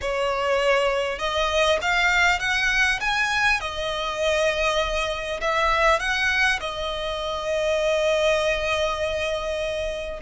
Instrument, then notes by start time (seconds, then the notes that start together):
violin
0.01 C#5
1.18 D#5
1.81 F5
2.39 F#5
3.00 G#5
3.60 D#5
5.41 E5
5.99 F#5
6.59 D#5